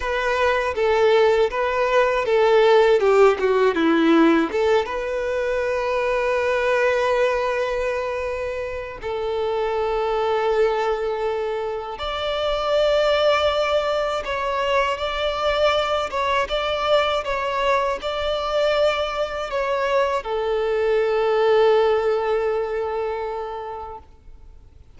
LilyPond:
\new Staff \with { instrumentName = "violin" } { \time 4/4 \tempo 4 = 80 b'4 a'4 b'4 a'4 | g'8 fis'8 e'4 a'8 b'4.~ | b'1 | a'1 |
d''2. cis''4 | d''4. cis''8 d''4 cis''4 | d''2 cis''4 a'4~ | a'1 | }